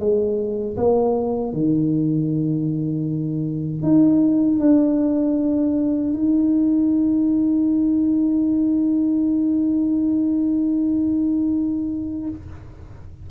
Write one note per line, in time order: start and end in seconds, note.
0.00 0.77 G#3
0.77 1.53 A#3
1.53 3.83 D#3
3.83 4.60 D#4
4.60 6.14 D4
6.14 12.29 D#4